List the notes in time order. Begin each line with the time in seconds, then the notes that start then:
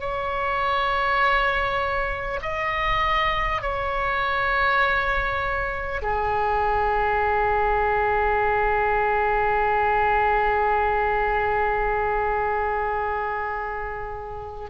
0.00 C#5
2.42 D#5
3.62 C#5
6.02 G#4